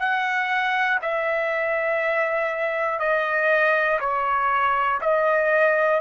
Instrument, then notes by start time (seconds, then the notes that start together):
trumpet
0.00 F#5
1.02 E5
3.00 D#5
4.01 C#5
5.01 D#5